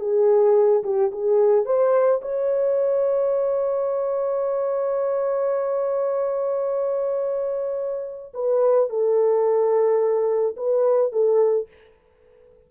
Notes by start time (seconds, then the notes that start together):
0.00 G#4
0.84 G4
1.12 G#4
1.66 C5
2.22 C#5
8.34 B4
8.90 A4
10.57 B4
11.12 A4